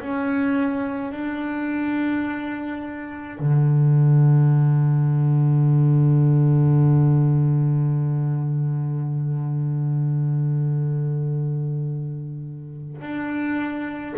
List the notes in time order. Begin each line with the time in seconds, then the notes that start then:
0.00 C#4
1.12 D4
3.40 D3
13.01 D4